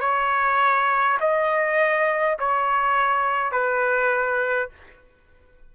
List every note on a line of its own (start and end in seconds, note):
0.00 1.18 C#5
1.20 2.37 D#5
2.39 3.51 C#5
3.51 4.69 B4